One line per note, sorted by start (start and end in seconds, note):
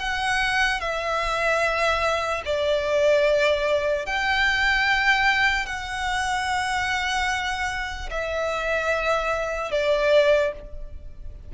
0.00 0.81 F#5
0.81 2.43 E5
2.45 4.07 D5
4.07 5.66 G5
5.66 8.10 F#5
8.10 9.71 E5
9.71 10.53 D5